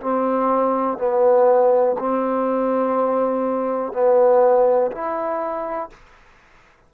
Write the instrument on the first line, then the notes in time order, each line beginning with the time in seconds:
trombone
0.00 C4
0.97 B3
1.99 C4
3.93 B3
4.91 E4